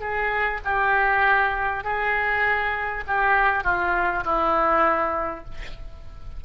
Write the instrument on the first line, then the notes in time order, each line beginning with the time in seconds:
oboe
0.00 G#4
0.64 G4
1.84 G#4
3.07 G4
3.64 F4
4.24 E4